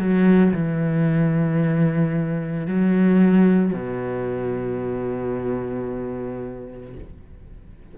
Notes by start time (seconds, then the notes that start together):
0.00 F#3
0.54 E3
2.67 F#3
3.74 B2